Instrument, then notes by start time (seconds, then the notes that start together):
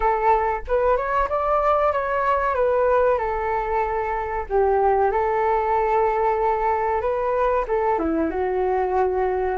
flute
0.00 A4
0.67 B4
0.96 C#5
1.29 D5
1.92 C#5
2.54 B4
3.17 A4
4.49 G4
5.11 A4
7.01 B4
7.67 A4
7.98 E4
8.30 F#4